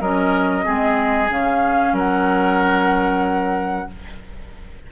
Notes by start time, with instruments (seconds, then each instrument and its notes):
0.00 bassoon F#3, clarinet C#4, oboe A#4, flute D#5
0.63 bassoon G#3, clarinet C4, oboe G#4
1.28 bassoon C#3, clarinet C#4, flute F5
1.92 bassoon F#3, oboe A#4, flute F#5